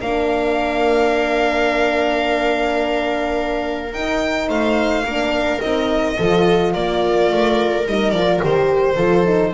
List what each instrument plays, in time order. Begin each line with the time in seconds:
0.00 double bass A#3, horn D4, viola A#4, violin F5
3.93 horn D#4, double bass D#4, violin G5
4.48 double bass A3, viola C5, violin F5
5.04 double bass A#3, horn D4, viola A#4
5.60 double bass C4, horn D#4, violin D#5
6.17 double bass F3, horn F4, viola A4
6.73 double bass A#3, viola A#4, violin D5
7.31 double bass A3
7.86 double bass G3, horn D#4, violin D#5
8.11 double bass F3, horn F4, violin D5
8.40 double bass D#3, horn G4, violin C5
8.96 double bass F3, horn F4, viola A4
9.25 horn D#4